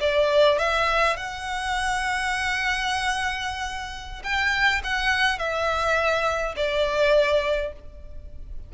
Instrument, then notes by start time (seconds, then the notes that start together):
violin
0.00 D5
0.58 E5
1.16 F#5
4.23 G5
4.83 F#5
5.38 E5
6.56 D5